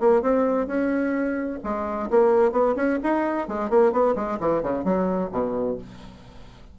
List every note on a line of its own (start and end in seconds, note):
0.00 0.22 A#3
0.22 0.68 C4
0.68 1.60 C#4
1.64 2.10 G#3
2.11 2.52 A#3
2.52 2.75 B3
2.76 2.99 C#4
3.03 3.48 D#4
3.48 3.70 G#3
3.70 3.93 A#3
3.93 4.16 B3
4.16 4.39 G#3
4.40 4.63 E3
4.63 4.85 C#3
4.85 5.31 F#3
5.32 5.78 B2